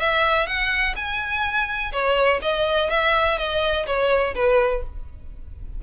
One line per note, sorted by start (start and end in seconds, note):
0.00 0.47 E5
0.47 0.95 F#5
0.96 1.92 G#5
1.92 2.40 C#5
2.42 2.90 D#5
2.90 3.38 E5
3.38 3.86 D#5
3.86 4.34 C#5
4.35 4.83 B4